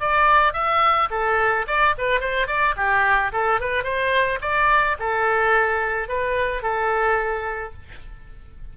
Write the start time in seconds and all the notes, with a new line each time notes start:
0.00 D5
0.54 E5
1.11 A4
1.67 D5
1.98 B4
2.21 C5
2.47 D5
2.76 G4
3.33 A4
3.60 B4
3.84 C5
4.41 D5
4.99 A4
6.08 B4
6.62 A4